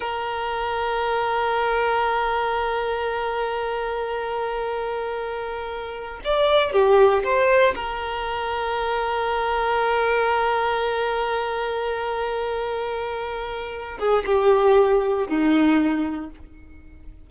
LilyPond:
\new Staff \with { instrumentName = "violin" } { \time 4/4 \tempo 4 = 118 ais'1~ | ais'1~ | ais'1~ | ais'16 d''4 g'4 c''4 ais'8.~ |
ais'1~ | ais'1~ | ais'2.~ ais'8 gis'8 | g'2 dis'2 | }